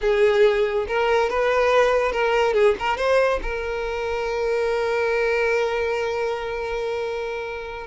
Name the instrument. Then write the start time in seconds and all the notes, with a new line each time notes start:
violin
0.01 G#4
0.87 A#4
1.29 B4
2.12 A#4
2.53 G#4
2.79 A#4
2.97 C5
3.42 A#4